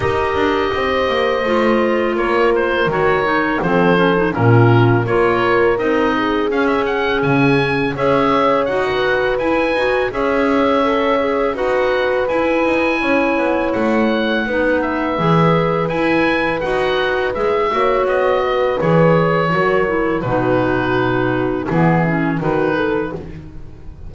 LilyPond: <<
  \new Staff \with { instrumentName = "oboe" } { \time 4/4 \tempo 4 = 83 dis''2. cis''8 c''8 | cis''4 c''4 ais'4 cis''4 | dis''4 f''16 e''16 fis''8 gis''4 e''4 | fis''4 gis''4 e''2 |
fis''4 gis''2 fis''4~ | fis''8 e''4. gis''4 fis''4 | e''4 dis''4 cis''2 | b'2 gis'4 b'4 | }
  \new Staff \with { instrumentName = "horn" } { \time 4/4 ais'4 c''2 ais'4~ | ais'4 a'4 f'4 ais'4~ | ais'8 gis'2~ gis'8 cis''4~ | cis''16 b'4.~ b'16 cis''2 |
b'2 cis''2 | b'1~ | b'8 cis''4 b'4. ais'4 | fis'2 e'4 fis'8 a'8 | }
  \new Staff \with { instrumentName = "clarinet" } { \time 4/4 g'2 f'2 | fis'8 dis'8 c'8 cis'16 dis'16 cis'4 f'4 | dis'4 cis'2 gis'4 | fis'4 e'8 fis'8 gis'4 a'8 gis'8 |
fis'4 e'2. | dis'4 gis'4 e'4 fis'4 | gis'8 fis'4. gis'4 fis'8 e'8 | dis'2 b8 cis'8 dis'4 | }
  \new Staff \with { instrumentName = "double bass" } { \time 4/4 dis'8 d'8 c'8 ais8 a4 ais4 | dis4 f4 ais,4 ais4 | c'4 cis'4 cis4 cis'4 | dis'4 e'8 dis'8 cis'2 |
dis'4 e'8 dis'8 cis'8 b8 a4 | b4 e4 e'4 dis'4 | gis8 ais8 b4 e4 fis4 | b,2 e4 dis4 | }
>>